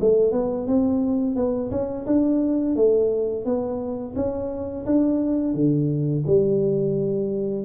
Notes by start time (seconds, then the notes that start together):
0.00 A3
0.32 B3
0.67 C4
1.35 B3
1.71 C#4
2.06 D4
2.76 A3
3.45 B3
4.15 C#4
4.86 D4
5.54 D3
6.26 G3